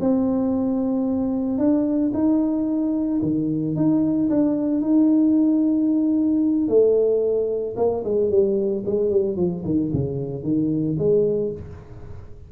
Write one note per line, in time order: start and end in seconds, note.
0.00 1.58 C4
1.58 2.12 D4
2.14 3.21 D#4
3.22 3.76 D#3
3.76 4.29 D#4
4.30 4.81 D4
4.81 6.68 D#4
6.68 7.75 A3
7.77 8.03 A#3
8.04 8.30 G#3
8.30 8.83 G3
8.86 9.10 G#3
9.10 9.36 G3
9.36 9.63 F3
9.65 9.92 D#3
9.92 10.43 C#3
10.43 10.96 D#3
10.98 11.52 G#3